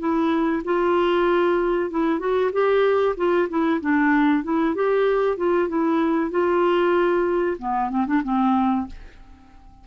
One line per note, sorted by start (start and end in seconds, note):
0.00 0.63 E4
0.65 1.91 F4
1.91 2.20 E4
2.20 2.51 F#4
2.53 3.16 G4
3.17 3.49 F4
3.49 3.81 E4
3.81 4.44 D4
4.44 4.75 E4
4.75 5.38 G4
5.38 5.69 F4
5.69 6.31 E4
6.31 7.58 F4
7.59 7.90 B3
7.91 8.06 C4
8.07 8.23 D4
8.24 8.87 C4